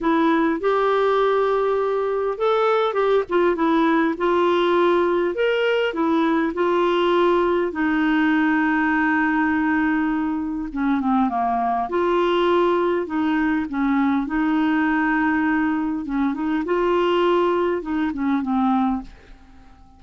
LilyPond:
\new Staff \with { instrumentName = "clarinet" } { \time 4/4 \tempo 4 = 101 e'4 g'2. | a'4 g'8 f'8 e'4 f'4~ | f'4 ais'4 e'4 f'4~ | f'4 dis'2.~ |
dis'2 cis'8 c'8 ais4 | f'2 dis'4 cis'4 | dis'2. cis'8 dis'8 | f'2 dis'8 cis'8 c'4 | }